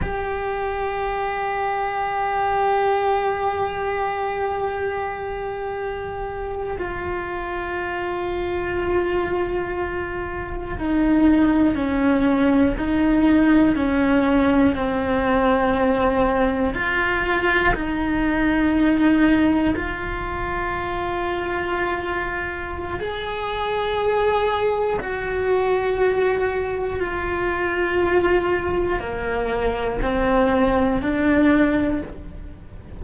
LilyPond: \new Staff \with { instrumentName = "cello" } { \time 4/4 \tempo 4 = 60 g'1~ | g'2~ g'8. f'4~ f'16~ | f'2~ f'8. dis'4 cis'16~ | cis'8. dis'4 cis'4 c'4~ c'16~ |
c'8. f'4 dis'2 f'16~ | f'2. gis'4~ | gis'4 fis'2 f'4~ | f'4 ais4 c'4 d'4 | }